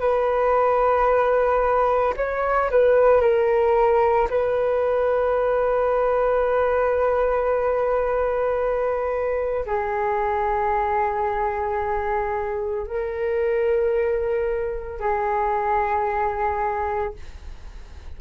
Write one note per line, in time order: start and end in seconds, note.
0.00 2.14 B4
2.17 2.70 C#5
2.71 3.21 B4
3.21 4.29 A#4
4.30 9.66 B4
9.66 12.87 G#4
12.87 15.00 A#4
15.00 17.14 G#4